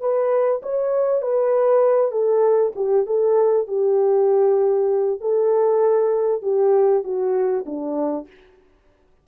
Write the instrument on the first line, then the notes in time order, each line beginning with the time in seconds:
horn
0.00 B4
0.63 C#5
1.22 B4
2.11 A4
2.76 G4
3.06 A4
3.67 G4
5.20 A4
6.42 G4
7.04 F#4
7.66 D4